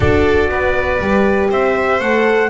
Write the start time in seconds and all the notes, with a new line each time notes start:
0.00 D4 F#4 A4 D5
0.48 B3 B4
0.99 G3 G4
1.50 C4 C5 E5
2.00 A3 A4 F#5